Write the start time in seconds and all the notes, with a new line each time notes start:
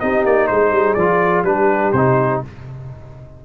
0.00 C4 D#4 G4 D#5
0.25 A#3 D5
0.47 G#3 G#4 C5
0.71 G3
0.94 F3 F4 D5
1.43 G3 D4 G4 B4
1.92 C3 D#4 C5